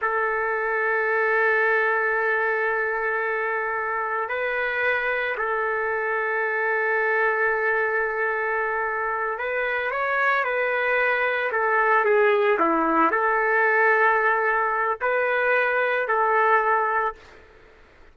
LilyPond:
\new Staff \with { instrumentName = "trumpet" } { \time 4/4 \tempo 4 = 112 a'1~ | a'1 | b'2 a'2~ | a'1~ |
a'4. b'4 cis''4 b'8~ | b'4. a'4 gis'4 e'8~ | e'8 a'2.~ a'8 | b'2 a'2 | }